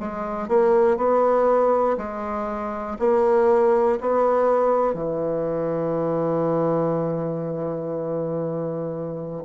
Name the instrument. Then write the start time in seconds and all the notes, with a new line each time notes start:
bassoon
0.00 G#3
0.49 A#3
0.98 B3
1.98 G#3
3.00 A#3
4.01 B3
4.94 E3